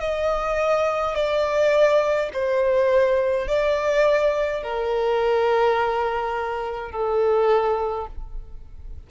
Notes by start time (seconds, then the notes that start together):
0.00 D#5
1.15 D5
2.33 C5
3.47 D5
4.63 A#4
6.91 A4